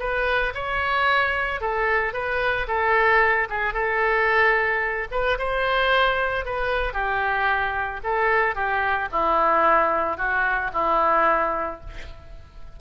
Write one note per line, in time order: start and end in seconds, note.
0.00 0.54 B4
0.55 1.61 C#5
1.61 2.14 A4
2.14 2.67 B4
2.68 3.48 A4
3.50 3.74 G#4
3.74 5.08 A4
5.12 5.38 B4
5.39 6.46 C5
6.46 6.94 B4
6.94 8.01 G4
8.04 8.55 A4
8.55 9.09 G4
9.12 10.17 E4
10.17 10.71 F#4
10.73 11.81 E4